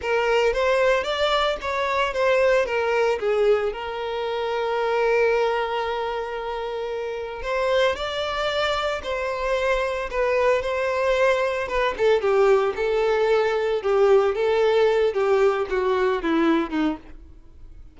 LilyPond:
\new Staff \with { instrumentName = "violin" } { \time 4/4 \tempo 4 = 113 ais'4 c''4 d''4 cis''4 | c''4 ais'4 gis'4 ais'4~ | ais'1~ | ais'2 c''4 d''4~ |
d''4 c''2 b'4 | c''2 b'8 a'8 g'4 | a'2 g'4 a'4~ | a'8 g'4 fis'4 e'4 dis'8 | }